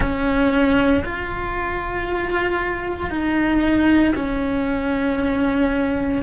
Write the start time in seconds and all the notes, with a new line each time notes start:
0.00 C#4
1.04 F4
3.10 D#4
4.15 C#4